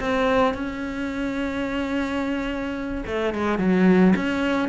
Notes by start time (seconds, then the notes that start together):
0.00 C4
0.54 C#4
3.07 A3
3.34 G#3
3.59 F#3
4.16 C#4